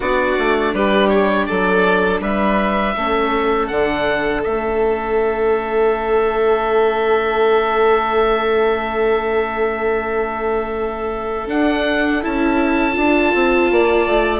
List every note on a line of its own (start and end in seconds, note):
0.00 0.36 B3
0.00 2.97 D4
0.00 0.74 F#4
0.00 0.75 D5
0.38 0.73 A3
0.73 1.47 G3
0.73 1.48 G4
0.73 1.08 B4
1.08 1.45 C#5
1.45 2.20 F#3
1.45 2.21 A4
1.45 2.19 D5
2.20 2.94 G3
2.20 2.95 B4
2.20 3.67 E5
2.97 3.70 A3
2.97 3.71 C#4
2.97 13.71 A4
3.67 4.44 D3
3.67 4.43 D4
3.67 4.41 F#5
4.43 11.49 A3
4.43 11.47 C#4
4.43 11.47 E5
11.47 12.21 D4
11.47 12.24 D4
11.47 12.23 F#5
12.22 12.96 C#4
12.22 12.92 E4
12.22 14.40 A5
12.92 13.33 D4
12.92 14.40 F4
13.34 13.70 C4
13.70 14.06 A#3
13.70 14.40 D5
14.06 14.40 A3